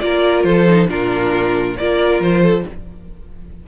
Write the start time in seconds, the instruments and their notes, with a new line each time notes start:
0.00 cello A#3, viola F4, violin A#4 D5
0.44 cello F3, violin A4 C5
0.68 viola D#4
0.89 cello A#2, viola D4, violin F4 A#4
1.77 cello A#3, viola F4, violin A#4 D5
2.20 cello F3, violin C5
2.42 violin A4